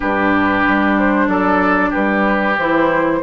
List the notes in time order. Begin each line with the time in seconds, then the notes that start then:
0.00 G2 D4 G4 B4
0.68 G3
0.98 C5
1.27 F#3 A4 D5
1.90 G3 G4 B4
2.58 E3 E4 C5